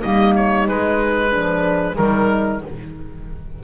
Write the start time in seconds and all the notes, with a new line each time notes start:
0.00 G3 A#3 D#4 D#5
0.36 C#5
0.66 G#3 B4
1.30 F3 D4
1.95 D#3 G3 D#4 A#4